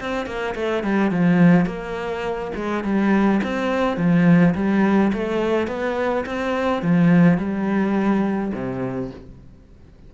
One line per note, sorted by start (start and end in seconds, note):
0.00 0.26 C4
0.26 0.55 A#3
0.55 0.83 A3
0.83 1.11 G3
1.11 1.66 F3
1.66 2.51 A#3
2.55 2.84 G#3
2.84 3.41 G3
3.43 3.97 C4
3.97 4.54 F3
4.55 5.12 G3
5.13 5.68 A3
5.68 6.25 B3
6.26 6.82 C4
6.82 7.38 F3
7.38 8.52 G3
8.53 9.11 C3